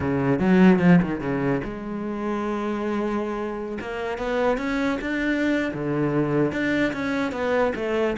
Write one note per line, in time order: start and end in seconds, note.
0.00 0.39 C#3
0.39 0.79 F#3
0.79 0.99 F3
1.02 1.20 D#3
1.20 1.61 C#3
1.64 3.78 G#3
3.80 4.18 A#3
4.18 4.57 B3
4.57 4.98 C#4
5.01 5.72 D4
5.73 6.51 D3
6.51 6.92 D4
6.93 7.32 C#4
7.32 7.73 B3
7.75 8.16 A3